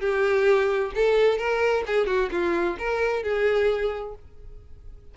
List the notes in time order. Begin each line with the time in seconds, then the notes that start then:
0.00 G4
0.95 A4
1.38 A#4
1.86 G#4
2.06 F#4
2.31 F4
2.78 A#4
3.23 G#4